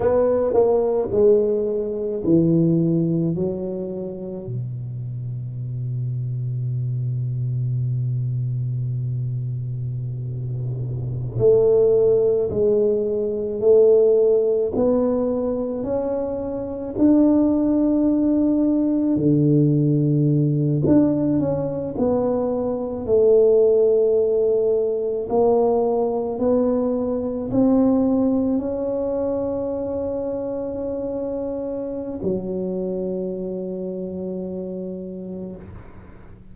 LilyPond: \new Staff \with { instrumentName = "tuba" } { \time 4/4 \tempo 4 = 54 b8 ais8 gis4 e4 fis4 | b,1~ | b,2~ b,16 a4 gis8.~ | gis16 a4 b4 cis'4 d'8.~ |
d'4~ d'16 d4. d'8 cis'8 b16~ | b8. a2 ais4 b16~ | b8. c'4 cis'2~ cis'16~ | cis'4 fis2. | }